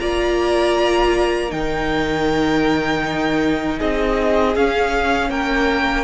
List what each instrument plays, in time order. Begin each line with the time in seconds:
0.00 cello A#3, viola F4, violin D5 A#5
1.50 cello D#3, viola D#4, violin A#4 G5
3.78 cello C4, violin G#4 D#5
4.56 cello C#4, viola C#4, violin F5
5.30 cello A#3, violin A#4 G5